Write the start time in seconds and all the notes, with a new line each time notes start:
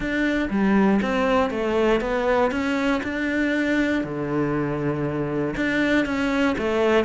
0.00 D4
0.50 G3
1.02 C4
1.50 A3
2.00 B3
2.51 C#4
3.03 D4
4.04 D3
5.56 D4
6.05 C#4
6.58 A3